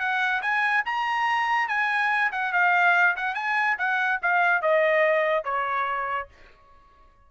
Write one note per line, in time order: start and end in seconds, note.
0.00 0.42 F#5
0.42 0.84 G#5
0.86 1.69 A#5
1.69 2.32 G#5
2.32 2.53 F#5
2.53 3.16 F5
3.17 3.35 F#5
3.35 3.77 G#5
3.79 4.21 F#5
4.23 4.62 F5
4.62 5.45 D#5
5.45 6.29 C#5